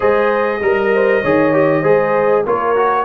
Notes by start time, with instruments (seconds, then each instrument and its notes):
0.00 tuba G#3, trombone G#4, horn C5, trumpet D#5
0.61 tuba G3, horn A#4, trombone A#4
0.94 horn C5
1.21 tuba D#3, trombone G#4, horn C#5
1.53 trombone G4
1.81 tuba G#3, trombone G#4, horn C5
2.46 tuba A#3, trombone F4, horn A#4, trumpet C#5
2.75 trombone F#4